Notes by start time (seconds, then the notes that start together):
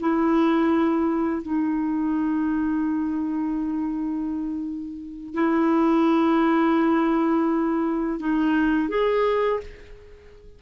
0.00 E4
1.43 D#4
5.34 E4
8.20 D#4
8.89 G#4